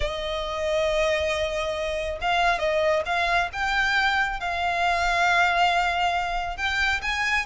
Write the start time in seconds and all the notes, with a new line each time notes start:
0.00 D#5
2.21 F5
2.58 D#5
3.05 F5
3.52 G5
4.40 F5
6.57 G5
7.02 G#5